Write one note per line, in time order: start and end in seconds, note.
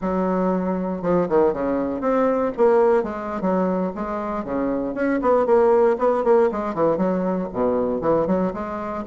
0.01 1.02 F#3
1.02 1.27 F3
1.28 1.53 D#3
1.53 2.00 C#3
2.00 2.51 C4
2.57 3.03 A#3
3.03 3.41 G#3
3.41 3.92 F#3
3.95 4.44 G#3
4.44 4.94 C#3
4.94 5.20 C#4
5.21 5.46 B3
5.46 5.97 A#3
5.98 6.24 B3
6.24 6.49 A#3
6.51 6.74 G#3
6.74 6.97 E3
6.97 7.47 F#3
7.53 8.01 B2
8.01 8.26 E3
8.27 8.52 F#3
8.53 9.04 G#3